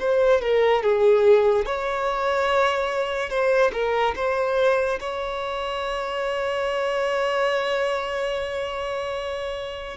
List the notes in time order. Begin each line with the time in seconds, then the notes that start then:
0.00 C5
0.42 A#4
0.83 G#4
1.66 C#5
3.30 C5
3.73 A#4
4.16 C5
5.01 C#5